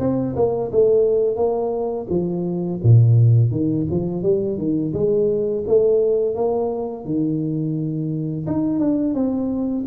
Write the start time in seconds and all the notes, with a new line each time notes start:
0.00 C4
0.37 A#3
0.72 A3
1.37 A#3
2.10 F3
2.84 A#2
3.52 D#3
3.91 F3
4.23 G3
4.58 D#3
4.94 G#3
5.68 A3
6.36 A#3
7.06 D#3
8.47 D#4
8.80 D4
9.15 C4